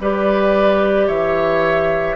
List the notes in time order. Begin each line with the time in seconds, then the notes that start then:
0.00 G3 G4 B4 D5
1.07 E3 C#5 E5